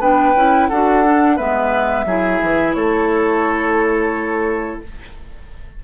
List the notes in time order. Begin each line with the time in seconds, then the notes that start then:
0.00 B3 D4 B4 G5
0.35 C#4 E4
0.68 D4 F#4 A4 F#5
1.05 D4
1.36 G#3 B3 B4 E5
2.06 F#3 E4 G#4
2.42 E3
2.74 A3 A4 C#5